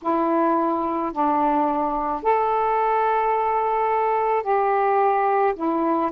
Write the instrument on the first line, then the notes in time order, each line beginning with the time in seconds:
saxophone
0.02 E4
1.12 D4
2.22 A4
4.42 G4
5.55 E4